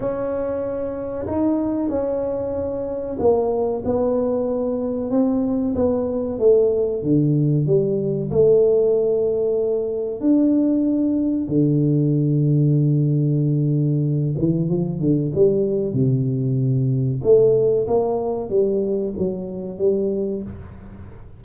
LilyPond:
\new Staff \with { instrumentName = "tuba" } { \time 4/4 \tempo 4 = 94 cis'2 dis'4 cis'4~ | cis'4 ais4 b2 | c'4 b4 a4 d4 | g4 a2. |
d'2 d2~ | d2~ d8 e8 f8 d8 | g4 c2 a4 | ais4 g4 fis4 g4 | }